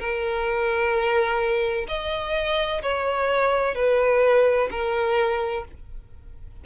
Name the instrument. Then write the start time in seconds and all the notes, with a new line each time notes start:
violin
0.00 A#4
1.88 D#5
2.83 C#5
3.75 B4
4.71 A#4